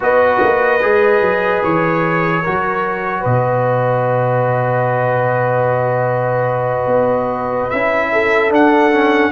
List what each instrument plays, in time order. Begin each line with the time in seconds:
0.00 tuba B3, trombone F#4, horn B4, trumpet D#5
0.43 tuba A#3
0.81 tuba G#3, trombone G#4
1.21 tuba F#3
1.63 tuba E3, trumpet C#5
2.43 tuba F#3, trombone F#4, horn A#4
3.20 tuba B2, horn B4, trumpet D#5
6.86 tuba B3
7.70 tuba C#4, trombone E4, trumpet E5
8.12 horn A4
8.50 trombone D4, tuba D4, trumpet F#5
8.91 trombone C#4